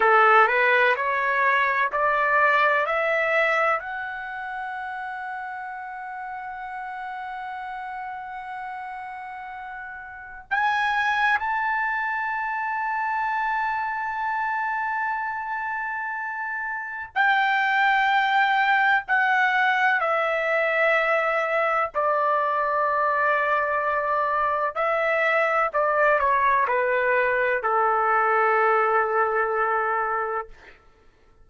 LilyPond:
\new Staff \with { instrumentName = "trumpet" } { \time 4/4 \tempo 4 = 63 a'8 b'8 cis''4 d''4 e''4 | fis''1~ | fis''2. gis''4 | a''1~ |
a''2 g''2 | fis''4 e''2 d''4~ | d''2 e''4 d''8 cis''8 | b'4 a'2. | }